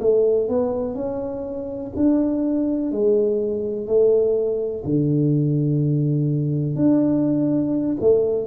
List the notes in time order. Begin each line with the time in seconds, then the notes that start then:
0.00 A3
0.48 B3
0.94 C#4
1.96 D4
2.92 G#3
3.87 A3
4.84 D3
6.76 D4
8.00 A3